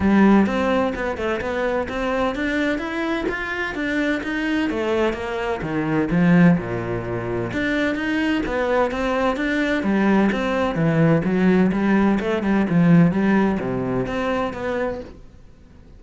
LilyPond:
\new Staff \with { instrumentName = "cello" } { \time 4/4 \tempo 4 = 128 g4 c'4 b8 a8 b4 | c'4 d'4 e'4 f'4 | d'4 dis'4 a4 ais4 | dis4 f4 ais,2 |
d'4 dis'4 b4 c'4 | d'4 g4 c'4 e4 | fis4 g4 a8 g8 f4 | g4 c4 c'4 b4 | }